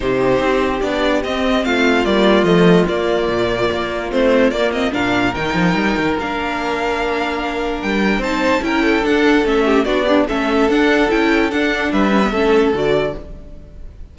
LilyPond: <<
  \new Staff \with { instrumentName = "violin" } { \time 4/4 \tempo 4 = 146 c''2 d''4 dis''4 | f''4 d''4 dis''4 d''4~ | d''2 c''4 d''8 dis''8 | f''4 g''2 f''4~ |
f''2. g''4 | a''4 g''4 fis''4 e''4 | d''4 e''4 fis''4 g''4 | fis''4 e''2 d''4 | }
  \new Staff \with { instrumentName = "violin" } { \time 4/4 g'1 | f'1~ | f'1 | ais'1~ |
ais'1 | c''4 ais'8 a'2 g'8 | fis'8 d'8 a'2.~ | a'4 b'4 a'2 | }
  \new Staff \with { instrumentName = "viola" } { \time 4/4 dis'2 d'4 c'4~ | c'4 ais4 a4 ais4~ | ais2 c'4 ais8 c'8 | d'4 dis'2 d'4~ |
d'1 | dis'4 e'4 d'4 cis'4 | d'8 g'8 cis'4 d'4 e'4 | d'4. cis'16 b16 cis'4 fis'4 | }
  \new Staff \with { instrumentName = "cello" } { \time 4/4 c4 c'4 b4 c'4 | a4 g4 f4 ais4 | ais,4 ais4 a4 ais4 | ais,4 dis8 f8 g8 dis8 ais4~ |
ais2. g4 | c'4 cis'4 d'4 a4 | b4 a4 d'4 cis'4 | d'4 g4 a4 d4 | }
>>